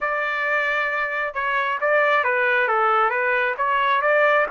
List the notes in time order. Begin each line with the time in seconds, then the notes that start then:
0.00 D5
1.34 C#5
1.80 D5
2.24 B4
2.68 A4
3.10 B4
3.57 C#5
4.01 D5